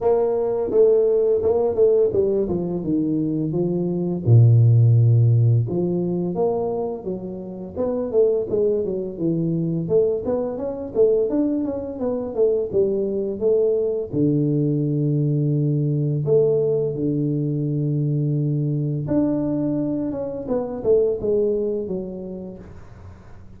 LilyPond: \new Staff \with { instrumentName = "tuba" } { \time 4/4 \tempo 4 = 85 ais4 a4 ais8 a8 g8 f8 | dis4 f4 ais,2 | f4 ais4 fis4 b8 a8 | gis8 fis8 e4 a8 b8 cis'8 a8 |
d'8 cis'8 b8 a8 g4 a4 | d2. a4 | d2. d'4~ | d'8 cis'8 b8 a8 gis4 fis4 | }